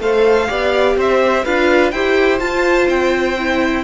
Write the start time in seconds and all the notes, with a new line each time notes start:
0.00 A3 A4 C5 F5
0.48 B3 G4 D5
0.97 C4 C5 E5
1.45 D4 F4 B4 F5
1.91 E4 G4 C5 G5
2.40 F4 A5
2.89 C4 G5
3.39 E4